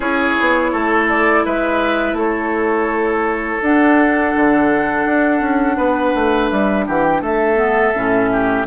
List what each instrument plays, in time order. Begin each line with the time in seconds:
0.00 bassoon C#4, clarinet E4, oboe G#4, flute C#5
0.40 bassoon B3
0.72 bassoon A3, oboe A4
1.09 flute D5
1.45 bassoon G#3, oboe B4, flute E5
2.12 bassoon A3, oboe A4, flute C#5
3.62 bassoon D4, clarinet D4, flute F#5
4.35 bassoon D3
5.05 bassoon D4
5.40 bassoon C#4
5.76 bassoon B3, oboe B4
6.14 bassoon A3
6.49 bassoon G3, flute E5
6.86 bassoon E3, oboe G4, flute F#5
7.04 flute G5
7.21 bassoon A3, oboe A4, flute E5
7.56 clarinet B3
7.94 bassoon A2, clarinet C#4
8.32 oboe G4